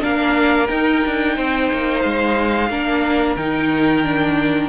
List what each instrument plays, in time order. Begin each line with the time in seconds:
0.00 cello A#3, viola D4, violin A#4 F5
0.67 viola D#4, cello D#4, violin G5
1.06 cello D4
1.36 cello C4, violin C5
1.73 cello A#3
2.02 cello G#3, violin F5
2.70 cello A#3, viola D4, violin A#4
3.37 cello D#3, viola D#4, violin G5
4.04 viola D4